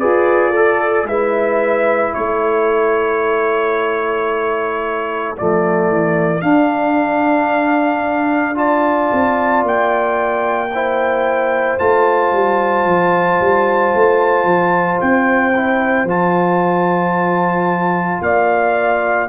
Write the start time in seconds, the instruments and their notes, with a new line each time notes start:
0.00 tuba F4, trombone G#4, horn B4, trumpet D5
0.51 horn A4, trombone A4
1.04 tuba G#3, trombone E4, horn B4, trumpet E5
2.14 tuba A3, horn A4, trumpet C#5
5.37 tuba F3, trombone A3, trumpet D5
5.90 tuba E3
6.42 trombone D4, tuba D4, trumpet F5
8.55 trombone F4, horn D5, trumpet A5
9.13 tuba C4
9.63 tuba A#3, trumpet G5
10.74 trombone E4, horn C5
11.79 tuba A3, trombone F4, trumpet A5
12.33 tuba G3
12.86 tuba F3
13.40 tuba G3
13.95 tuba A3
14.45 tuba F3
15.01 tuba C4, trumpet G5
15.56 trombone E4
16.04 tuba F3, trombone F4, trumpet A5
18.22 tuba A#3, horn D5, trumpet F5